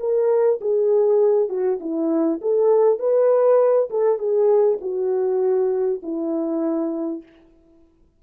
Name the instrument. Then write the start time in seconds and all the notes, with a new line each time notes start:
horn
0.00 A#4
0.61 G#4
1.49 F#4
1.81 E4
2.42 A4
2.99 B4
3.91 A4
4.19 G#4
4.81 F#4
6.03 E4